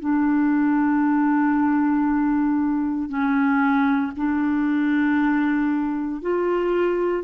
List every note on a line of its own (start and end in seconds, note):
0.00 3.09 D4
3.09 4.12 C#4
4.17 6.22 D4
6.22 7.24 F4